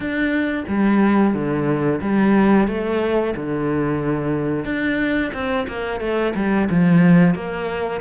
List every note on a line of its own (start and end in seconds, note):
0.00 0.64 D4
0.68 1.33 G3
1.33 2.00 D3
2.01 2.67 G3
2.67 3.34 A3
3.35 4.65 D3
4.65 5.31 D4
5.33 5.67 C4
5.68 6.00 A#3
6.00 6.33 A3
6.35 6.68 G3
6.70 7.35 F3
7.35 8.01 A#3